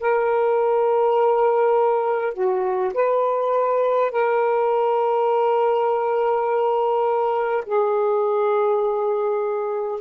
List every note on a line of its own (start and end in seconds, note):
0.00 2.33 A#4
2.33 2.92 F#4
2.94 4.11 B4
4.11 7.64 A#4
7.65 10.01 G#4